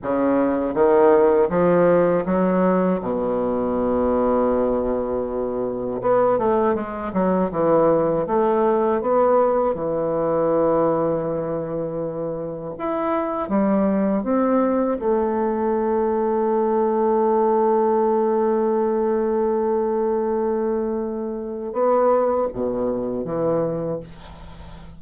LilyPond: \new Staff \with { instrumentName = "bassoon" } { \time 4/4 \tempo 4 = 80 cis4 dis4 f4 fis4 | b,1 | b8 a8 gis8 fis8 e4 a4 | b4 e2.~ |
e4 e'4 g4 c'4 | a1~ | a1~ | a4 b4 b,4 e4 | }